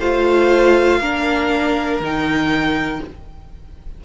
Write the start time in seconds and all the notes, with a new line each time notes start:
0.00 A3 F4 C5 F5
1.00 A#3 D4 A#4
2.00 D#3 D#4 G5